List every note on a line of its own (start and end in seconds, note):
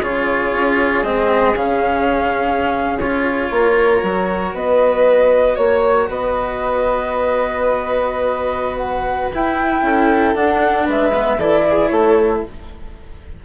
0.00 0.53 C#3
0.00 1.04 F4
0.00 3.49 G#4
0.00 1.03 C#5
0.53 1.03 C#4
1.03 1.54 G#3
1.03 1.55 C4
1.03 1.55 D#5
1.54 2.97 C#3
1.54 2.98 C#4
1.54 2.99 F5
2.97 3.48 C#4
2.97 4.02 F4
2.97 4.54 C#5
3.51 4.02 A#3
3.51 4.54 A#4
4.02 4.54 F#3
4.02 9.32 F#4
4.54 5.57 B3
4.54 5.55 B4
4.54 5.57 D#5
5.55 6.09 A#3
5.55 6.07 C#5
5.55 6.08 C#5
6.09 9.32 B3
6.09 9.84 B4
6.09 8.77 D#5
8.77 9.29 F#5
9.34 9.82 E4
9.34 10.35 E4
9.34 10.35 G5
9.82 10.34 C#4
9.82 10.85 A4
10.34 10.86 D4
10.34 11.12 D4
10.34 10.87 F#5
10.85 11.37 G#3
10.85 11.37 B4
10.85 11.40 E5
11.14 11.39 B3
11.37 11.89 E3
11.37 12.45 E4
11.37 11.64 A4
11.37 11.89 D5
11.70 11.91 G#4
11.89 12.43 A3
11.89 12.43 A4
11.89 12.40 C#5